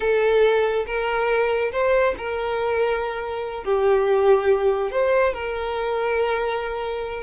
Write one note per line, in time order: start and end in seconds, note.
0.00 0.85 A4
0.86 1.71 A#4
1.72 2.14 C5
2.17 3.64 A#4
3.64 4.91 G4
4.91 5.33 C5
5.33 7.23 A#4